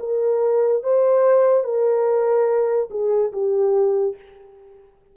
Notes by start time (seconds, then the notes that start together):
0.00 A#4
0.83 C5
1.64 A#4
2.90 G#4
3.33 G4